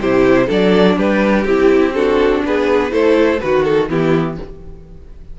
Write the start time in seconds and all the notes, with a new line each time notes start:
0.00 C3 E4 G4 C5
0.47 F#3 D4 A4 D5
0.97 G3 G4 B4
1.44 C4 E4 G4
1.94 D4 F#4 A4
2.45 B3 G#4 B4
2.90 A3 E4 A4 C5
3.40 D#3 F#4 B4
3.64 A4
3.89 E3 B3 E4 G4